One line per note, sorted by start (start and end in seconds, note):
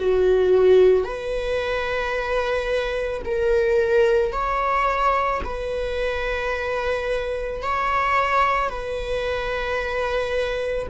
0.00 1.05 F#4
1.05 3.23 B4
3.25 4.32 A#4
4.32 5.41 C#5
5.44 7.63 B4
7.63 8.70 C#5
8.70 10.88 B4